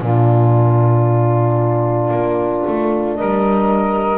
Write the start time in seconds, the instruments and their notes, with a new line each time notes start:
0.00 double bass A#2, horn D4, saxophone F4, flute A#4
2.10 double bass A#3
2.67 double bass A3
3.15 double bass G3, saxophone A#4, flute D#5